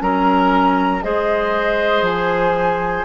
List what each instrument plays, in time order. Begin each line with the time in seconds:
0.00 bassoon F#3, clarinet C#4, oboe A#4, flute A#5
1.02 bassoon G#3, clarinet G#4, oboe C5, flute D#5
2.02 bassoon F3, flute G#5